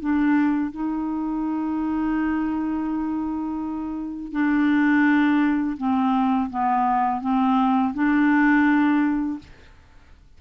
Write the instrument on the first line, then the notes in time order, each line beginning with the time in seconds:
clarinet
0.00 D4
0.71 D#4
4.32 D4
5.77 C4
6.50 B3
7.21 C4
7.94 D4